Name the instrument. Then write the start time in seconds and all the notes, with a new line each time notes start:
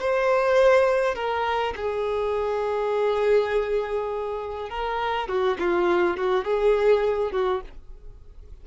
violin
0.00 C5
1.15 A#4
1.76 G#4
4.70 A#4
5.28 F#4
5.59 F4
6.17 F#4
6.45 G#4
7.32 F#4